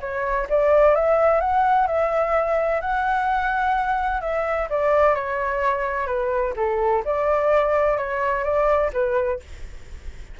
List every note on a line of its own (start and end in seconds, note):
0.00 0.47 C#5
0.49 0.95 D5
0.95 1.40 E5
1.40 1.87 F#5
1.87 2.81 E5
2.81 4.21 F#5
4.21 4.68 E5
4.70 5.15 D5
5.15 6.07 C#5
6.07 6.53 B4
6.56 7.03 A4
7.05 7.97 D5
7.97 8.44 C#5
8.44 8.90 D5
8.93 9.40 B4